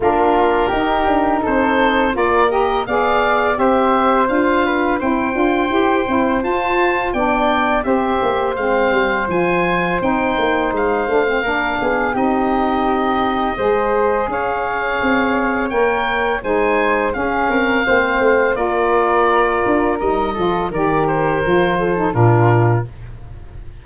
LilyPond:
<<
  \new Staff \with { instrumentName = "oboe" } { \time 4/4 \tempo 4 = 84 ais'2 c''4 d''8 dis''8 | f''4 e''4 f''4 g''4~ | g''4 a''4 g''4 e''4 | f''4 gis''4 g''4 f''4~ |
f''4 dis''2. | f''2 g''4 gis''4 | f''2 d''2 | dis''4 d''8 c''4. ais'4 | }
  \new Staff \with { instrumentName = "flute" } { \time 4/4 f'4 g'4 a'4 ais'4 | d''4 c''4. b'8 c''4~ | c''2 d''4 c''4~ | c''1 |
ais'8 gis'8 g'2 c''4 | cis''2. c''4 | gis'8 ais'8 c''4 ais'2~ | ais'8 a'8 ais'4. a'8 f'4 | }
  \new Staff \with { instrumentName = "saxophone" } { \time 4/4 d'4 dis'2 f'8 g'8 | gis'4 g'4 f'4 e'8 f'8 | g'8 e'8 f'4 d'4 g'4 | c'4 f'4 dis'4. d'16 c'16 |
d'4 dis'2 gis'4~ | gis'2 ais'4 dis'4 | cis'4 c'4 f'2 | dis'8 f'8 g'4 f'8. dis'16 d'4 | }
  \new Staff \with { instrumentName = "tuba" } { \time 4/4 ais4 dis'8 d'8 c'4 ais4 | b4 c'4 d'4 c'8 d'8 | e'8 c'8 f'4 b4 c'8 ais8 | gis8 g8 f4 c'8 ais8 gis8 a8 |
ais8 b8 c'2 gis4 | cis'4 c'4 ais4 gis4 | cis'8 c'8 ais8 a8 ais4. d'8 | g8 f8 dis4 f4 ais,4 | }
>>